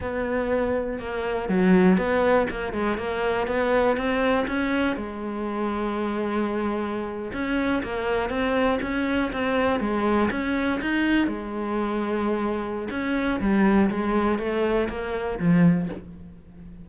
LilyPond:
\new Staff \with { instrumentName = "cello" } { \time 4/4 \tempo 4 = 121 b2 ais4 fis4 | b4 ais8 gis8 ais4 b4 | c'4 cis'4 gis2~ | gis2~ gis8. cis'4 ais16~ |
ais8. c'4 cis'4 c'4 gis16~ | gis8. cis'4 dis'4 gis4~ gis16~ | gis2 cis'4 g4 | gis4 a4 ais4 f4 | }